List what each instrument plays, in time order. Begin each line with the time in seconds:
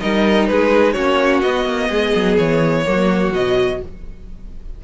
0.00 cello G3, viola D#4, violin A#4 D#5
0.47 cello G#3, violin G#4 B4
0.93 cello A#3, viola C#4, violin F#4 C#5
1.41 cello B3, viola B3, violin D#5
1.65 cello A#3
1.88 cello G#3, violin G#4
2.15 cello F#3
2.37 cello E3, violin C#5
2.85 cello F#3, viola A#3, violin F#4
3.31 cello B2, viola F#3, violin D#5